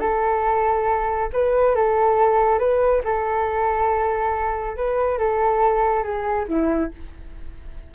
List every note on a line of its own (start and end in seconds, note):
0.00 1.29 A4
1.33 1.75 B4
1.75 2.59 A4
2.59 3.02 B4
3.04 4.76 A4
4.76 5.19 B4
5.19 6.03 A4
6.03 6.46 G#4
6.48 6.91 E4